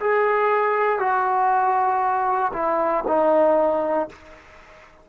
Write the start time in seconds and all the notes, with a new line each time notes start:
0.00 G#4
0.99 F#4
2.53 E4
3.07 D#4